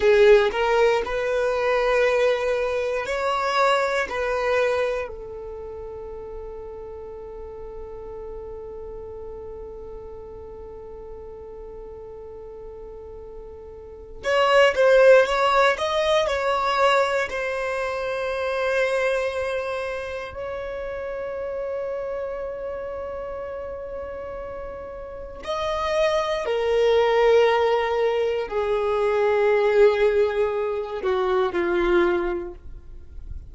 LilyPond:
\new Staff \with { instrumentName = "violin" } { \time 4/4 \tempo 4 = 59 gis'8 ais'8 b'2 cis''4 | b'4 a'2.~ | a'1~ | a'2 cis''8 c''8 cis''8 dis''8 |
cis''4 c''2. | cis''1~ | cis''4 dis''4 ais'2 | gis'2~ gis'8 fis'8 f'4 | }